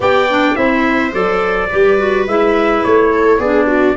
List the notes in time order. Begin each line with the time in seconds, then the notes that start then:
0.00 B3 G4 D5 G5
0.29 D4
0.55 C4 E4 C5 E5
1.12 F#3 A4 D5
1.70 G3 G4 B4
1.98 F#4
2.27 G#3 E4 E5
2.83 A3 C#5
3.11 A4
3.39 B3 D4 G#4 D5
3.67 F#4